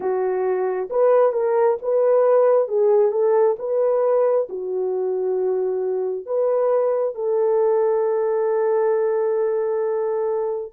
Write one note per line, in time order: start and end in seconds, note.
0.00 0.88 F#4
0.90 1.32 B4
1.32 1.77 A#4
1.82 2.67 B4
2.67 3.11 G#4
3.11 3.56 A4
3.58 4.48 B4
4.49 6.26 F#4
6.26 7.14 B4
7.14 10.73 A4